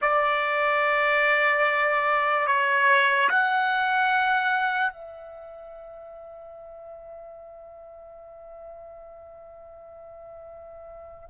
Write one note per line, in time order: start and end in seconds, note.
0.01 2.47 D5
2.47 3.29 C#5
3.29 4.92 F#5
4.92 11.29 E5